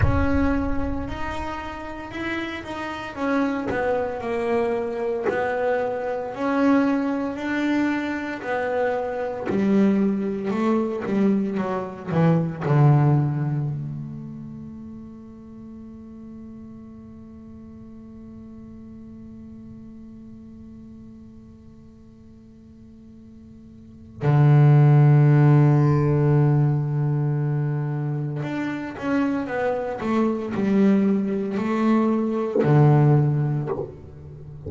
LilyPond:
\new Staff \with { instrumentName = "double bass" } { \time 4/4 \tempo 4 = 57 cis'4 dis'4 e'8 dis'8 cis'8 b8 | ais4 b4 cis'4 d'4 | b4 g4 a8 g8 fis8 e8 | d4 a2.~ |
a1~ | a2. d4~ | d2. d'8 cis'8 | b8 a8 g4 a4 d4 | }